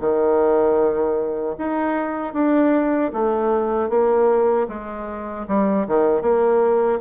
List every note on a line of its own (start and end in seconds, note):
0.00 1.56 D#3
1.58 2.33 D#4
2.33 3.11 D4
3.13 3.89 A3
3.89 4.67 A#3
4.68 5.46 G#3
5.48 5.87 G3
5.87 6.22 D#3
6.22 7.00 A#3